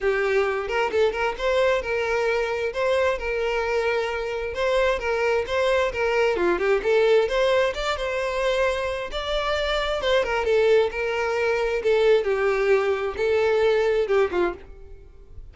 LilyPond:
\new Staff \with { instrumentName = "violin" } { \time 4/4 \tempo 4 = 132 g'4. ais'8 a'8 ais'8 c''4 | ais'2 c''4 ais'4~ | ais'2 c''4 ais'4 | c''4 ais'4 f'8 g'8 a'4 |
c''4 d''8 c''2~ c''8 | d''2 c''8 ais'8 a'4 | ais'2 a'4 g'4~ | g'4 a'2 g'8 f'8 | }